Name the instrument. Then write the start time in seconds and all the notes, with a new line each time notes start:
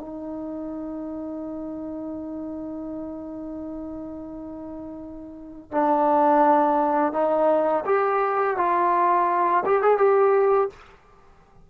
trombone
0.00 D#4
5.71 D4
7.13 D#4
7.86 G4
8.57 F4
9.66 G4
9.82 G#4
9.98 G4